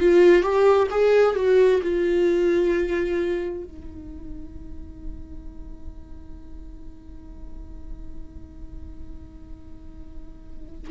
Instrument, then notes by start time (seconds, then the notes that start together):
viola
0.00 F4
0.42 G4
0.90 G#4
1.36 F#4
1.83 F4
3.64 D#4